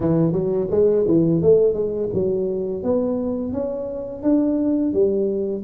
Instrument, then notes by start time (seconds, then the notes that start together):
tuba
0.00 E3
0.32 F#3
0.70 G#3
1.07 E3
1.41 A3
1.73 G#3
2.13 F#3
2.83 B3
3.52 C#4
4.22 D4
4.93 G3